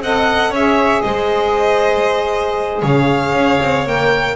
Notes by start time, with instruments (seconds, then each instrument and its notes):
0.00 double bass C4, saxophone A4, violin D#5 F#5
0.50 double bass C#4, saxophone G#4, violin C#5 E5
1.02 double bass G#3, violin C5 D#5
2.82 double bass C#3, violin C#5 F5
3.34 double bass C#4
3.61 double bass C4
3.87 double bass A#3, saxophone A#4, violin G5